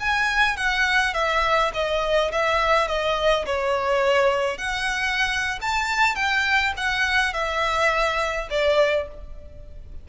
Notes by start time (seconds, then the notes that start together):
0.00 G#5
0.57 F#5
1.14 E5
1.74 D#5
2.32 E5
2.88 D#5
3.46 C#5
4.58 F#5
5.61 A5
6.15 G5
6.77 F#5
7.33 E5
8.50 D5